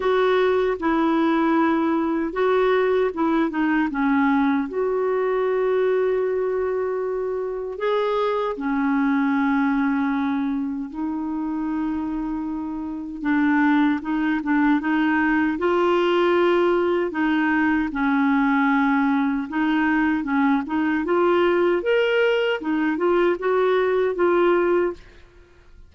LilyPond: \new Staff \with { instrumentName = "clarinet" } { \time 4/4 \tempo 4 = 77 fis'4 e'2 fis'4 | e'8 dis'8 cis'4 fis'2~ | fis'2 gis'4 cis'4~ | cis'2 dis'2~ |
dis'4 d'4 dis'8 d'8 dis'4 | f'2 dis'4 cis'4~ | cis'4 dis'4 cis'8 dis'8 f'4 | ais'4 dis'8 f'8 fis'4 f'4 | }